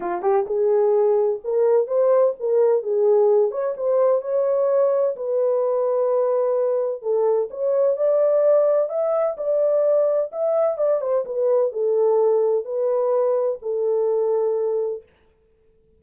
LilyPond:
\new Staff \with { instrumentName = "horn" } { \time 4/4 \tempo 4 = 128 f'8 g'8 gis'2 ais'4 | c''4 ais'4 gis'4. cis''8 | c''4 cis''2 b'4~ | b'2. a'4 |
cis''4 d''2 e''4 | d''2 e''4 d''8 c''8 | b'4 a'2 b'4~ | b'4 a'2. | }